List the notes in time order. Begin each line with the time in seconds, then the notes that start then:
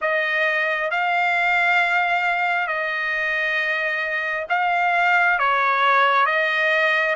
0.01 D#5
0.90 F5
2.67 D#5
4.49 F5
5.38 C#5
6.26 D#5